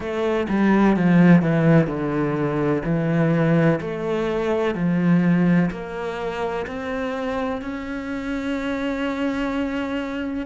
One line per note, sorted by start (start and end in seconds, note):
0.00 0.47 A3
0.48 0.96 G3
0.96 1.42 F3
1.42 1.87 E3
1.87 2.82 D3
2.84 3.80 E3
3.81 4.74 A3
4.74 5.70 F3
5.71 6.66 A#3
6.66 7.61 C4
7.61 10.46 C#4